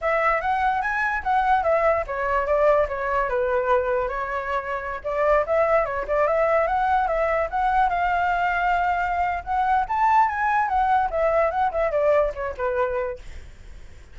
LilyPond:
\new Staff \with { instrumentName = "flute" } { \time 4/4 \tempo 4 = 146 e''4 fis''4 gis''4 fis''4 | e''4 cis''4 d''4 cis''4 | b'2 cis''2~ | cis''16 d''4 e''4 cis''8 d''8 e''8.~ |
e''16 fis''4 e''4 fis''4 f''8.~ | f''2. fis''4 | a''4 gis''4 fis''4 e''4 | fis''8 e''8 d''4 cis''8 b'4. | }